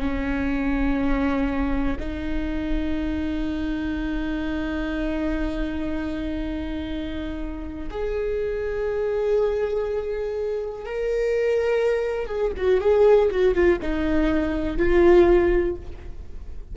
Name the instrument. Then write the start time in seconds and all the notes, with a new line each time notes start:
viola
0.00 C#4
1.99 D#4
7.90 G#4
10.85 A#4
12.26 G#4
12.56 F#4
12.80 G#4
13.30 F#4
13.54 F4
13.82 D#4
14.77 F4